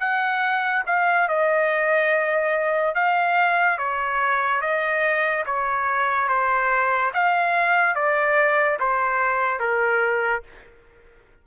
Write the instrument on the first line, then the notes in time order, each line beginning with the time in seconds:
trumpet
0.00 F#5
0.87 F5
1.28 D#5
2.95 F5
3.78 C#5
4.61 D#5
5.46 C#5
6.28 C5
7.14 F5
7.95 D5
8.80 C5
9.59 A#4